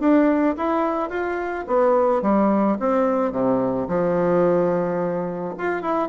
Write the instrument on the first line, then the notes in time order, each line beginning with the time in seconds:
bassoon
0.00 D4
0.57 E4
1.10 F4
1.67 B3
2.22 G3
2.79 C4
3.32 C3
3.88 F3
5.58 F4
5.82 E4